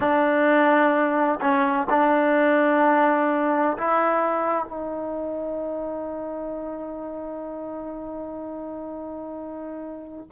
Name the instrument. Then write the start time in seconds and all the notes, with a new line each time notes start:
trombone
0.00 D4
1.40 C#4
1.89 D4
3.77 E4
4.65 D#4